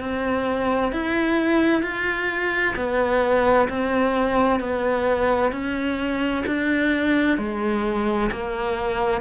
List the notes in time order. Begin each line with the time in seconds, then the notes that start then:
0.00 C4
0.92 E4
1.83 F4
2.76 B3
3.69 C4
4.60 B3
5.52 C#4
6.46 D4
7.38 G#3
8.32 A#3